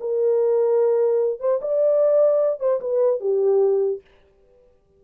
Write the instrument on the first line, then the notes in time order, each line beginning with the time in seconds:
horn
0.00 A#4
1.39 C5
1.61 D5
2.60 C5
2.80 B4
3.20 G4